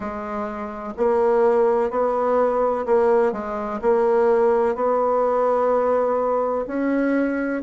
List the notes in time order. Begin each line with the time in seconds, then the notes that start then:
0.00 G#3
0.97 A#3
1.90 B3
2.86 A#3
3.32 G#3
3.81 A#3
4.75 B3
6.67 C#4